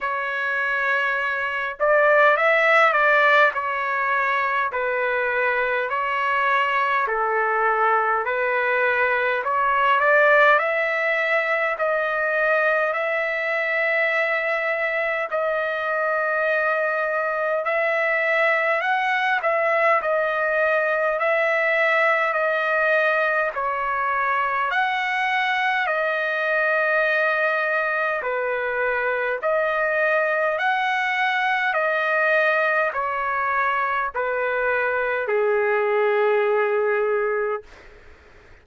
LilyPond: \new Staff \with { instrumentName = "trumpet" } { \time 4/4 \tempo 4 = 51 cis''4. d''8 e''8 d''8 cis''4 | b'4 cis''4 a'4 b'4 | cis''8 d''8 e''4 dis''4 e''4~ | e''4 dis''2 e''4 |
fis''8 e''8 dis''4 e''4 dis''4 | cis''4 fis''4 dis''2 | b'4 dis''4 fis''4 dis''4 | cis''4 b'4 gis'2 | }